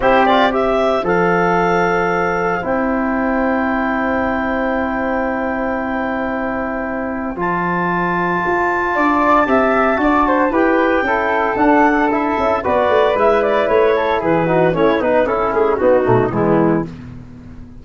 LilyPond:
<<
  \new Staff \with { instrumentName = "clarinet" } { \time 4/4 \tempo 4 = 114 c''8 d''8 e''4 f''2~ | f''4 g''2.~ | g''1~ | g''2 a''2~ |
a''1 | g''2 fis''4 e''4 | d''4 e''8 d''8 cis''4 b'4 | cis''8 b'8 a'8 gis'8 fis'4 e'4 | }
  \new Staff \with { instrumentName = "flute" } { \time 4/4 g'4 c''2.~ | c''1~ | c''1~ | c''1~ |
c''4 d''4 e''4 d''8 c''8 | b'4 a'2. | b'2~ b'8 a'8 gis'8 fis'8 | e'8 dis'8 cis'4 dis'4 b4 | }
  \new Staff \with { instrumentName = "trombone" } { \time 4/4 e'8 f'8 g'4 a'2~ | a'4 e'2.~ | e'1~ | e'2 f'2~ |
f'2 g'4 fis'4 | g'4 e'4 d'4 e'4 | fis'4 e'2~ e'8 dis'8 | cis'8 dis'8 e'4 b8 a8 gis4 | }
  \new Staff \with { instrumentName = "tuba" } { \time 4/4 c'2 f2~ | f4 c'2.~ | c'1~ | c'2 f2 |
f'4 d'4 c'4 d'4 | e'4 cis'4 d'4. cis'8 | b8 a8 gis4 a4 e4 | a8 b8 cis'8 a8 b8 b,8 e4 | }
>>